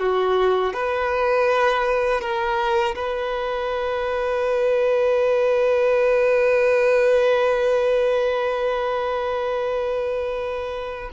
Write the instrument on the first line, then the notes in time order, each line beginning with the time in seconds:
violin
0.00 F#4
0.74 B4
2.22 A#4
2.96 B4